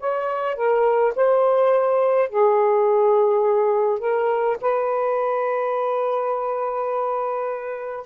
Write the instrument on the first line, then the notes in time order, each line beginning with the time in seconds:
saxophone
0.00 C#5
0.56 A#4
1.16 C5
2.30 G#4
4.00 A#4
4.61 B4